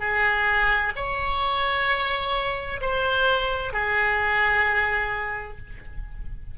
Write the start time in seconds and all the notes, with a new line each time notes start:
0.00 G#4
0.96 C#5
2.81 C5
3.73 G#4